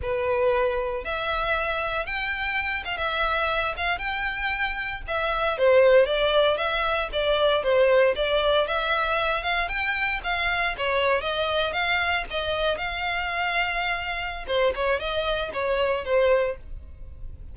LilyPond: \new Staff \with { instrumentName = "violin" } { \time 4/4 \tempo 4 = 116 b'2 e''2 | g''4. f''16 e''4. f''8 g''16~ | g''4.~ g''16 e''4 c''4 d''16~ | d''8. e''4 d''4 c''4 d''16~ |
d''8. e''4. f''8 g''4 f''16~ | f''8. cis''4 dis''4 f''4 dis''16~ | dis''8. f''2.~ f''16 | c''8 cis''8 dis''4 cis''4 c''4 | }